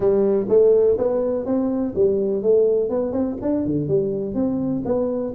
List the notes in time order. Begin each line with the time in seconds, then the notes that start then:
0.00 G3
0.48 A3
0.98 B3
1.45 C4
1.95 G3
2.42 A3
2.89 B3
3.12 C4
3.41 D4
3.65 D3
3.88 G3
4.34 C4
4.85 B3